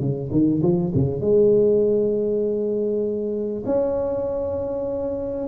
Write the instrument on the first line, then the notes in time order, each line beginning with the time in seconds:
tuba
0.00 C#3
0.32 D#3
0.62 F3
0.95 C#3
1.21 G#3
3.66 C#4